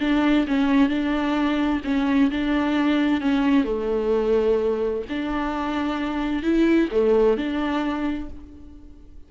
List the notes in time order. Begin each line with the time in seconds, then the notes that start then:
0.00 D4
0.47 C#4
0.89 D4
1.84 C#4
2.31 D4
3.21 C#4
3.64 A3
5.09 D4
6.43 E4
6.92 A3
7.37 D4